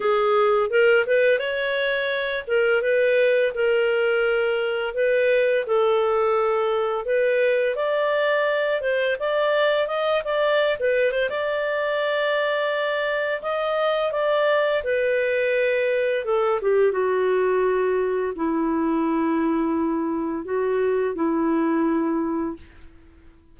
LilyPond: \new Staff \with { instrumentName = "clarinet" } { \time 4/4 \tempo 4 = 85 gis'4 ais'8 b'8 cis''4. ais'8 | b'4 ais'2 b'4 | a'2 b'4 d''4~ | d''8 c''8 d''4 dis''8 d''8. b'8 c''16 |
d''2. dis''4 | d''4 b'2 a'8 g'8 | fis'2 e'2~ | e'4 fis'4 e'2 | }